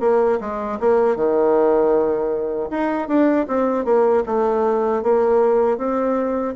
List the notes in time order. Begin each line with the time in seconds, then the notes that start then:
0.00 A#3
0.40 G#3
0.80 A#3
1.16 D#3
2.70 D#4
3.08 D4
3.47 C4
3.85 A#3
4.26 A3
5.02 A#3
5.78 C4